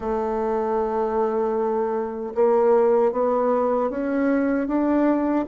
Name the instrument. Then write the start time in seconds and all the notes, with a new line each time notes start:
bassoon
0.00 A3
2.34 A#3
3.12 B3
3.90 C#4
4.67 D4